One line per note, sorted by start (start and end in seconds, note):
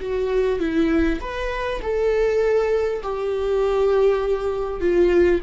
0.00 0.60 F#4
0.60 1.20 E4
1.21 1.81 B4
1.82 3.02 A4
3.02 4.81 G4
4.81 5.41 F4